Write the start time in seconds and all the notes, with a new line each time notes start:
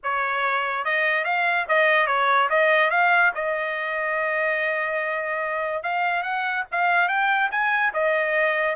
0.03 C#5
0.84 D#5
1.24 F5
1.68 D#5
2.07 C#5
2.49 D#5
2.90 F5
3.34 D#5
5.83 F5
6.23 F#5
6.71 F5
7.08 G5
7.51 G#5
7.93 D#5